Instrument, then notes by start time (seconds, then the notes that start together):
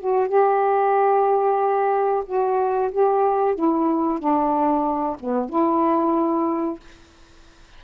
saxophone
0.00 F#4
0.29 G4
2.26 F#4
2.92 G4
3.55 E4
4.19 D4
5.20 B3
5.50 E4